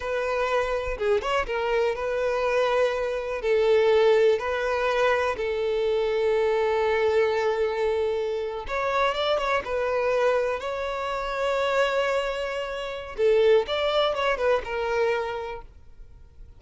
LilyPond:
\new Staff \with { instrumentName = "violin" } { \time 4/4 \tempo 4 = 123 b'2 gis'8 cis''8 ais'4 | b'2. a'4~ | a'4 b'2 a'4~ | a'1~ |
a'4.~ a'16 cis''4 d''8 cis''8 b'16~ | b'4.~ b'16 cis''2~ cis''16~ | cis''2. a'4 | d''4 cis''8 b'8 ais'2 | }